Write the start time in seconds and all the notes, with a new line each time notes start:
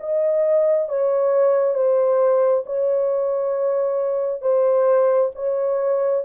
0.00 D#5
0.89 C#5
1.75 C5
2.66 C#5
4.42 C5
5.35 C#5